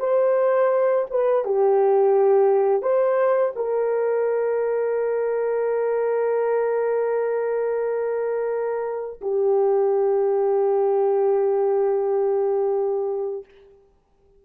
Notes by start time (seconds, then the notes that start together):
0.00 C5
1.11 B4
1.45 G4
2.82 C5
3.56 A#4
9.22 G4